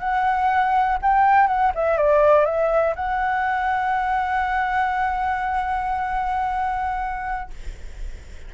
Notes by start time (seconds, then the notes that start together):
0.00 F#5
1.02 G5
1.48 F#5
1.75 E5
1.98 D5
2.46 E5
2.96 F#5